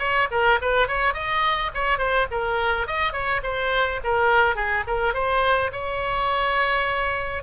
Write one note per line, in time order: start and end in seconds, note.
0.00 0.29 C#5
0.31 0.60 A#4
0.62 0.88 B4
0.88 1.14 C#5
1.14 1.71 D#5
1.75 1.99 C#5
1.99 2.27 C5
2.31 2.87 A#4
2.87 3.13 D#5
3.13 3.42 C#5
3.44 4.01 C5
4.04 4.56 A#4
4.56 4.84 G#4
4.88 5.15 A#4
5.15 5.72 C5
5.73 7.44 C#5